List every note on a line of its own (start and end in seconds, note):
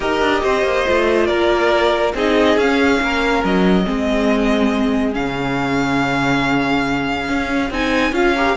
0.00 0.20 D#4
0.00 0.85 G4
0.00 0.41 A#4
0.00 1.26 D#5
0.20 0.42 D4
0.43 0.63 C4
0.43 1.27 C5
0.63 0.84 A#3
0.85 1.29 A3
0.85 2.14 F4
1.26 2.13 A#3
1.26 2.12 A#4
1.26 2.12 D5
2.13 2.56 C4
2.13 2.59 D#4
2.13 3.00 G#4
2.13 2.58 D#5
2.56 2.99 C#4
2.56 3.84 C#4
2.56 3.43 F5
3.00 3.43 A#3
3.00 3.85 A#4
3.43 3.86 F#3
3.43 5.14 D#5
3.84 5.15 G#3
3.84 5.12 C4
3.84 8.34 G#4
5.12 7.29 C#3
5.12 7.70 C#4
5.12 7.71 F5
7.29 7.70 C#4
7.70 8.11 C4
7.70 8.13 D#4
7.70 8.14 G#5
8.11 8.54 C#4
8.11 8.34 F4
8.11 8.57 F5
8.34 8.57 G4
8.34 8.56 A#4